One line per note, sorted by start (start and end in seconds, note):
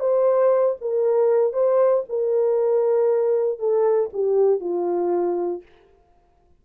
0.00 0.76 C5
0.81 1.53 A#4
1.53 2.04 C5
2.09 3.59 A#4
3.59 4.10 A4
4.13 4.61 G4
4.61 5.62 F4